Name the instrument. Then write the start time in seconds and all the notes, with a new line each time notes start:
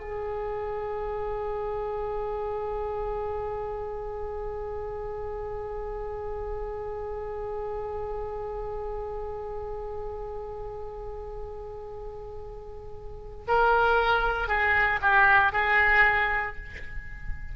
oboe
0.00 G#4
13.48 A#4
14.48 G#4
15.01 G4
15.52 G#4